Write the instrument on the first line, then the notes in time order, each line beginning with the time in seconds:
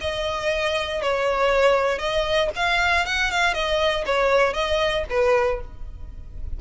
violin
0.00 D#5
1.02 C#5
1.98 D#5
2.55 F5
3.05 F#5
3.31 F5
3.53 D#5
4.05 C#5
4.53 D#5
5.09 B4